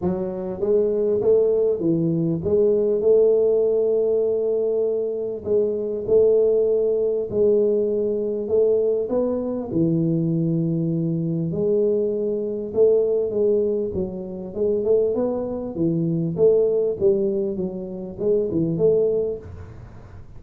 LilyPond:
\new Staff \with { instrumentName = "tuba" } { \time 4/4 \tempo 4 = 99 fis4 gis4 a4 e4 | gis4 a2.~ | a4 gis4 a2 | gis2 a4 b4 |
e2. gis4~ | gis4 a4 gis4 fis4 | gis8 a8 b4 e4 a4 | g4 fis4 gis8 e8 a4 | }